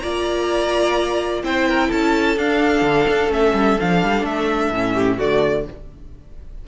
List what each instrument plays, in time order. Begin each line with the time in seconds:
0.00 cello A#3, viola F4, violin D5 A#5
1.43 cello C4, viola E4, violin C5 G5
1.69 violin A#4
1.89 cello C#4, violin A4 A5
2.37 cello D4, viola D4, violin F5
2.82 cello D3
3.09 cello D4
3.29 cello A3, viola C#4, violin E5
3.54 cello G3
3.80 cello F3, viola D4, violin F5
4.03 cello G3
4.23 cello A3, violin E5
4.71 cello A2, viola C#4
4.94 violin G4
5.18 cello D3, viola A3, violin F#4 D5